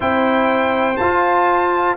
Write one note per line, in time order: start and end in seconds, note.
0.00 0.99 C4
0.00 0.95 E4
0.00 1.96 C5
0.00 0.96 G5
0.96 1.96 F4
0.96 1.95 A5